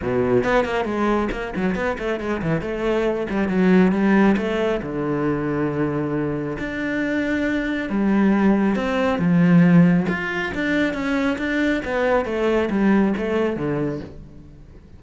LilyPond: \new Staff \with { instrumentName = "cello" } { \time 4/4 \tempo 4 = 137 b,4 b8 ais8 gis4 ais8 fis8 | b8 a8 gis8 e8 a4. g8 | fis4 g4 a4 d4~ | d2. d'4~ |
d'2 g2 | c'4 f2 f'4 | d'4 cis'4 d'4 b4 | a4 g4 a4 d4 | }